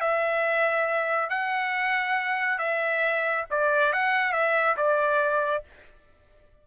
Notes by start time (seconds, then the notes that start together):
0.00 E5
1.29 F#5
2.58 E5
3.50 D5
3.92 F#5
4.32 E5
4.76 D5